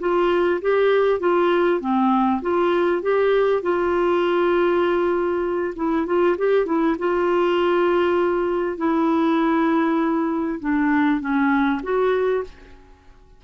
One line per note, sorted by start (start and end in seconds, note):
0.00 0.61 F4
0.62 1.20 G4
1.20 1.81 F4
1.81 2.42 C4
2.42 3.02 F4
3.02 3.63 G4
3.63 5.75 F4
5.76 6.06 E4
6.06 6.37 F4
6.38 6.66 G4
6.66 6.96 E4
6.99 8.78 F4
8.78 10.60 E4
10.60 11.21 D4
11.21 11.81 C#4
11.83 12.44 F#4